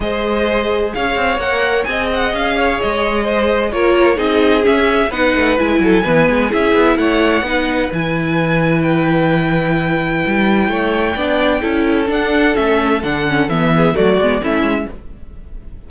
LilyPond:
<<
  \new Staff \with { instrumentName = "violin" } { \time 4/4 \tempo 4 = 129 dis''2 f''4 fis''4 | gis''8 fis''8 f''4 dis''2 | cis''4 dis''4 e''4 fis''4 | gis''2 e''4 fis''4~ |
fis''4 gis''2 g''4~ | g''1~ | g''2 fis''4 e''4 | fis''4 e''4 d''4 e''4 | }
  \new Staff \with { instrumentName = "violin" } { \time 4/4 c''2 cis''2 | dis''4. cis''4. c''4 | ais'4 gis'2 b'4~ | b'8 a'8 b'4 gis'4 cis''4 |
b'1~ | b'2. cis''4 | d''4 a'2.~ | a'4. gis'8 fis'4 e'4 | }
  \new Staff \with { instrumentName = "viola" } { \time 4/4 gis'2. ais'4 | gis'1 | f'4 dis'4 cis'4 dis'4 | e'4 b4 e'2 |
dis'4 e'2.~ | e'1 | d'4 e'4 d'4 cis'4 | d'8 cis'8 b4 a8 b8 cis'4 | }
  \new Staff \with { instrumentName = "cello" } { \time 4/4 gis2 cis'8 c'8 ais4 | c'4 cis'4 gis2 | ais4 c'4 cis'4 b8 a8 | gis8 fis8 e8 gis8 cis'8 b8 a4 |
b4 e2.~ | e2 g4 a4 | b4 cis'4 d'4 a4 | d4 e4 fis8 gis8 a8 gis8 | }
>>